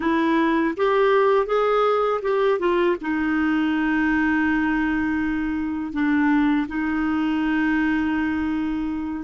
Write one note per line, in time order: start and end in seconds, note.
0.00 0.74 E4
0.76 1.46 G4
1.46 2.20 G#4
2.22 2.59 G4
2.59 2.96 F4
3.01 5.92 D#4
5.92 6.66 D4
6.68 9.24 D#4